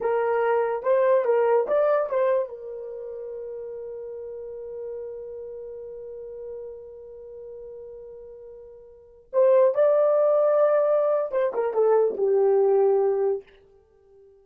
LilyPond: \new Staff \with { instrumentName = "horn" } { \time 4/4 \tempo 4 = 143 ais'2 c''4 ais'4 | d''4 c''4 ais'2~ | ais'1~ | ais'1~ |
ais'1~ | ais'2~ ais'16 c''4 d''8.~ | d''2. c''8 ais'8 | a'4 g'2. | }